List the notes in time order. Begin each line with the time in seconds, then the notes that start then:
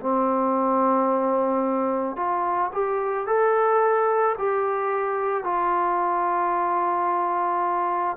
0.00 C4
2.16 F4
2.72 G4
3.26 A4
4.38 G4
5.43 F4